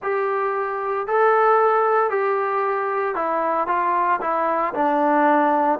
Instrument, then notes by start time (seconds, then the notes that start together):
trombone
0.02 G4
1.07 A4
2.10 G4
3.15 E4
3.67 F4
4.21 E4
4.74 D4